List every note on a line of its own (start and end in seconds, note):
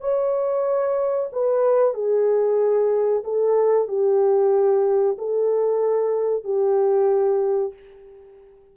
0.00 1.29 C#5
1.32 1.94 B4
1.94 3.23 G#4
3.23 3.88 A4
3.88 5.17 G4
5.18 6.44 A4
6.44 7.73 G4